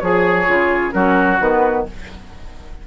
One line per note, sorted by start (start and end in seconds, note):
0.00 0.48 F3
0.00 0.46 G#4
0.00 0.94 G#4
0.00 0.92 C#5
0.46 0.94 C#3
0.46 0.92 F4
0.92 1.40 F#3
0.92 1.38 C#4
0.92 1.87 F#4
0.92 1.38 A#4
1.41 1.87 D#3
1.41 1.87 B3
1.41 1.87 B4